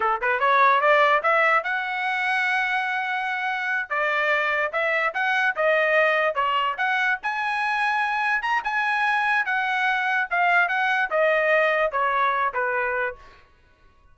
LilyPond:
\new Staff \with { instrumentName = "trumpet" } { \time 4/4 \tempo 4 = 146 a'8 b'8 cis''4 d''4 e''4 | fis''1~ | fis''4. d''2 e''8~ | e''8 fis''4 dis''2 cis''8~ |
cis''8 fis''4 gis''2~ gis''8~ | gis''8 ais''8 gis''2 fis''4~ | fis''4 f''4 fis''4 dis''4~ | dis''4 cis''4. b'4. | }